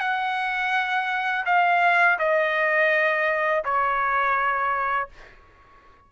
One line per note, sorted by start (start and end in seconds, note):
0.00 1.45 F#5
1.46 2.18 F5
2.19 3.63 D#5
3.64 5.09 C#5